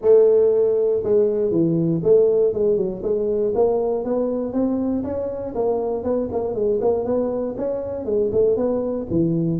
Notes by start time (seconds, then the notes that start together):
0.01 A3
1.03 G#3
1.51 E3
2.03 A3
2.53 G#3
2.77 F#3
3.03 G#3
3.54 A#3
4.04 B3
4.52 C4
5.03 C#4
5.55 A#3
6.03 B3
6.31 A#3
6.54 G#3
6.81 A#3
7.05 B3
7.57 C#4
8.05 G#3
8.31 A3
8.56 B3
9.10 E3